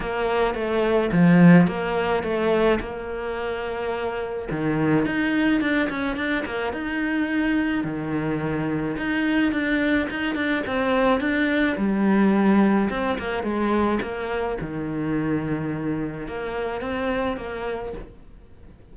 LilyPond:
\new Staff \with { instrumentName = "cello" } { \time 4/4 \tempo 4 = 107 ais4 a4 f4 ais4 | a4 ais2. | dis4 dis'4 d'8 cis'8 d'8 ais8 | dis'2 dis2 |
dis'4 d'4 dis'8 d'8 c'4 | d'4 g2 c'8 ais8 | gis4 ais4 dis2~ | dis4 ais4 c'4 ais4 | }